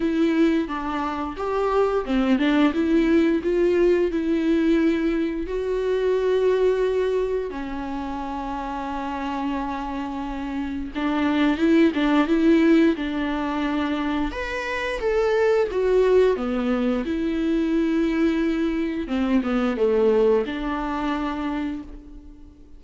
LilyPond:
\new Staff \with { instrumentName = "viola" } { \time 4/4 \tempo 4 = 88 e'4 d'4 g'4 c'8 d'8 | e'4 f'4 e'2 | fis'2. cis'4~ | cis'1 |
d'4 e'8 d'8 e'4 d'4~ | d'4 b'4 a'4 fis'4 | b4 e'2. | c'8 b8 a4 d'2 | }